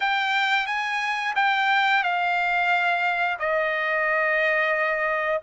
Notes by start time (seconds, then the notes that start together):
0.00 G5
0.66 G#5
1.35 G5
2.03 F5
3.39 D#5